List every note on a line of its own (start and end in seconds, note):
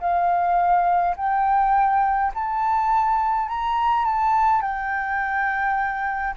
0.00 1.15 F5
1.16 2.32 G5
2.34 3.48 A5
3.48 4.05 A#5
4.05 4.62 A5
4.62 6.35 G5